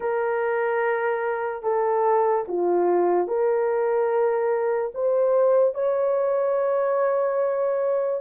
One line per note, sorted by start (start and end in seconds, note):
0.00 1.62 A#4
1.62 2.44 A4
2.47 3.27 F4
3.27 4.91 A#4
4.94 5.74 C5
5.74 8.21 C#5